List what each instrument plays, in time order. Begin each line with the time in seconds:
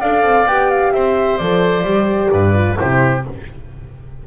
0.00 double bass D4, horn A4, oboe D5, flute F5
0.22 double bass C4
0.46 double bass B3, horn G4, flute G5
0.70 flute F5
0.92 double bass C4, oboe C5, flute E5
1.37 double bass F3, horn A4, flute D5
1.83 double bass G3, horn G4
2.31 double bass G2, oboe B4
2.54 horn F4
2.76 double bass C3, horn E4, oboe G4, flute C5